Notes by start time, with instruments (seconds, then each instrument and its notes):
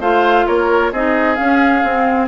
0.00 bassoon A3, clarinet F4, oboe C5, flute F5
0.47 bassoon A#3, oboe A#4, flute C#5
0.92 bassoon C4, clarinet D#4, oboe G#4, flute D#5
1.35 clarinet C#4, bassoon C#4, flute F5
1.83 bassoon C4, clarinet C4